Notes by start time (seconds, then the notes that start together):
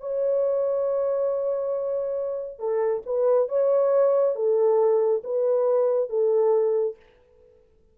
0.00 C#5
2.59 A4
3.06 B4
3.49 C#5
4.36 A4
5.24 B4
6.09 A4